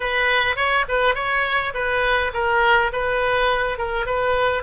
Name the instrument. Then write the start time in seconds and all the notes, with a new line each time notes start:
oboe
0.00 B4
0.56 C#5
0.88 B4
1.14 C#5
1.73 B4
2.33 A#4
2.92 B4
3.78 A#4
4.06 B4